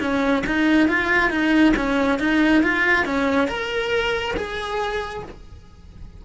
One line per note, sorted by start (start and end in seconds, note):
0.00 0.43 C#4
0.46 0.88 D#4
0.88 1.30 F4
1.30 1.74 D#4
1.76 2.19 C#4
2.19 2.62 D#4
2.62 3.05 F4
3.05 3.48 C#4
3.48 4.35 A#4
4.36 5.23 G#4